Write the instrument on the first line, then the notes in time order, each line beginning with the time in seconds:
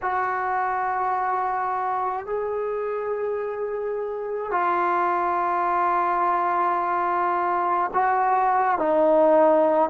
trombone
0.02 F#4
2.25 G#4
4.51 F4
7.93 F#4
8.78 D#4